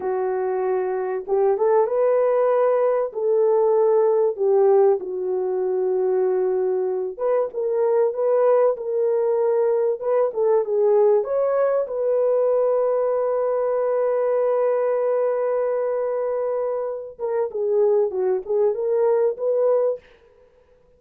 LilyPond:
\new Staff \with { instrumentName = "horn" } { \time 4/4 \tempo 4 = 96 fis'2 g'8 a'8 b'4~ | b'4 a'2 g'4 | fis'2.~ fis'8 b'8 | ais'4 b'4 ais'2 |
b'8 a'8 gis'4 cis''4 b'4~ | b'1~ | b'2.~ b'8 ais'8 | gis'4 fis'8 gis'8 ais'4 b'4 | }